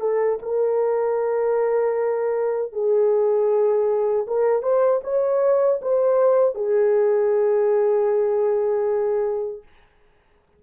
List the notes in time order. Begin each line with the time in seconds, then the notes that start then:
0.00 A4
0.42 A#4
2.72 G#4
4.27 A#4
4.62 C5
5.03 C#5
5.81 C5
6.55 G#4